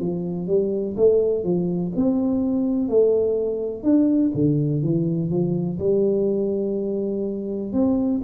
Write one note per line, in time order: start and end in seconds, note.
0.00 0.47 F3
0.47 0.95 G3
0.97 1.44 A3
1.44 1.93 F3
1.96 2.89 C4
2.89 3.83 A3
3.83 4.32 D4
4.35 4.83 D3
4.83 5.30 E3
5.30 5.78 F3
5.79 7.73 G3
7.73 8.21 C4